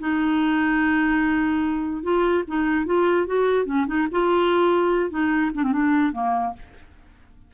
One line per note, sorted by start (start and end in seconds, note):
0.00 2.03 D#4
2.03 2.44 F4
2.48 2.86 D#4
2.86 3.27 F4
3.27 3.66 F#4
3.66 3.86 C#4
3.87 4.08 D#4
4.12 5.11 F4
5.11 5.52 D#4
5.55 5.64 D4
5.64 5.73 C4
5.73 6.13 D4
6.13 6.54 A#3